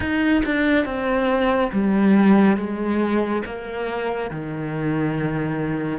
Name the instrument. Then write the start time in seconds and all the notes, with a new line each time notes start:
cello
0.00 D#4
0.45 D4
0.85 C4
1.72 G3
2.56 G#3
3.45 A#3
4.30 D#3